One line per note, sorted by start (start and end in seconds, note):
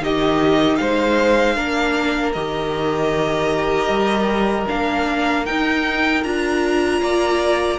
0.00 0.78 D#3
0.00 1.56 D#4
0.00 0.80 G4
0.00 0.76 D#5
0.76 1.57 G#3
0.76 1.56 C5
0.76 2.32 F5
1.56 2.35 A#3
1.56 2.34 D4
1.56 7.02 A#4
2.33 3.88 D#3
2.33 4.67 G4
2.33 4.67 D#5
3.88 4.66 G3
4.67 5.49 A#3
4.67 5.45 D4
4.67 5.45 F5
5.45 6.23 D#4
5.45 6.24 D#4
5.45 6.23 G5
6.23 7.01 D4
6.23 7.79 F4
6.23 7.79 A#5
7.01 7.79 A#3
7.01 7.79 D5